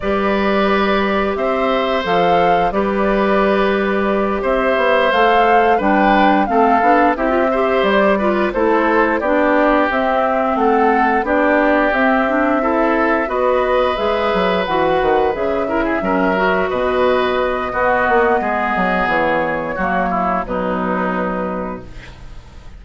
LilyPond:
<<
  \new Staff \with { instrumentName = "flute" } { \time 4/4 \tempo 4 = 88 d''2 e''4 f''4 | d''2~ d''8 e''4 f''8~ | f''8 g''4 f''4 e''4 d''8~ | d''8 c''4 d''4 e''4 fis''8~ |
fis''8 d''4 e''2 dis''8~ | dis''8 e''4 fis''4 e''4.~ | e''8 dis''2.~ dis''8 | cis''2 b'2 | }
  \new Staff \with { instrumentName = "oboe" } { \time 4/4 b'2 c''2 | b'2~ b'8 c''4.~ | c''8 b'4 a'4 g'8 c''4 | b'8 a'4 g'2 a'8~ |
a'8 g'2 a'4 b'8~ | b'2. ais'16 gis'16 ais'8~ | ais'8 b'4. fis'4 gis'4~ | gis'4 fis'8 e'8 dis'2 | }
  \new Staff \with { instrumentName = "clarinet" } { \time 4/4 g'2. a'4 | g'2.~ g'8 a'8~ | a'8 d'4 c'8 d'8 e'16 f'16 g'4 | f'8 e'4 d'4 c'4.~ |
c'8 d'4 c'8 d'8 e'4 fis'8~ | fis'8 gis'4 fis'4 gis'8 e'8 cis'8 | fis'2 b2~ | b4 ais4 fis2 | }
  \new Staff \with { instrumentName = "bassoon" } { \time 4/4 g2 c'4 f4 | g2~ g8 c'8 b8 a8~ | a8 g4 a8 b8 c'4 g8~ | g8 a4 b4 c'4 a8~ |
a8 b4 c'2 b8~ | b8 gis8 fis8 e8 dis8 cis4 fis8~ | fis8 b,4. b8 ais8 gis8 fis8 | e4 fis4 b,2 | }
>>